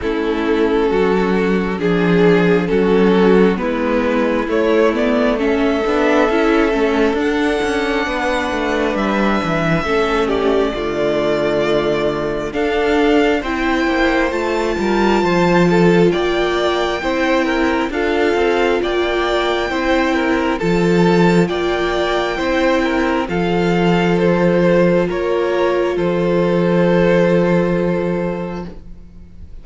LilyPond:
<<
  \new Staff \with { instrumentName = "violin" } { \time 4/4 \tempo 4 = 67 a'2 gis'4 a'4 | b'4 cis''8 d''8 e''2 | fis''2 e''4. d''8~ | d''2 f''4 g''4 |
a''2 g''2 | f''4 g''2 a''4 | g''2 f''4 c''4 | cis''4 c''2. | }
  \new Staff \with { instrumentName = "violin" } { \time 4/4 e'4 fis'4 gis'4 fis'4 | e'2 a'2~ | a'4 b'2 a'8 g'8 | f'2 a'4 c''4~ |
c''8 ais'8 c''8 a'8 d''4 c''8 ais'8 | a'4 d''4 c''8 ais'8 a'4 | d''4 c''8 ais'8 a'2 | ais'4 a'2. | }
  \new Staff \with { instrumentName = "viola" } { \time 4/4 cis'2 d'4 cis'4 | b4 a8 b8 cis'8 d'8 e'8 cis'8 | d'2. cis'4 | a2 d'4 e'4 |
f'2. e'4 | f'2 e'4 f'4~ | f'4 e'4 f'2~ | f'1 | }
  \new Staff \with { instrumentName = "cello" } { \time 4/4 a4 fis4 f4 fis4 | gis4 a4. b8 cis'8 a8 | d'8 cis'8 b8 a8 g8 e8 a4 | d2 d'4 c'8 ais8 |
a8 g8 f4 ais4 c'4 | d'8 c'8 ais4 c'4 f4 | ais4 c'4 f2 | ais4 f2. | }
>>